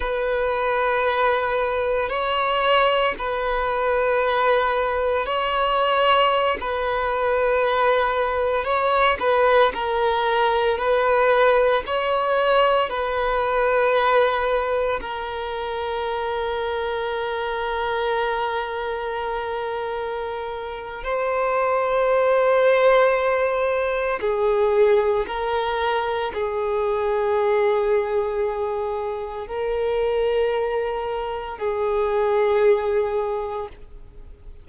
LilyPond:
\new Staff \with { instrumentName = "violin" } { \time 4/4 \tempo 4 = 57 b'2 cis''4 b'4~ | b'4 cis''4~ cis''16 b'4.~ b'16~ | b'16 cis''8 b'8 ais'4 b'4 cis''8.~ | cis''16 b'2 ais'4.~ ais'16~ |
ais'1 | c''2. gis'4 | ais'4 gis'2. | ais'2 gis'2 | }